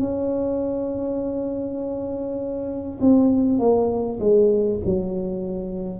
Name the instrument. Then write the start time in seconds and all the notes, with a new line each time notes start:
tuba
0.00 C#4
3.01 C4
3.59 A#3
4.20 G#3
4.85 F#3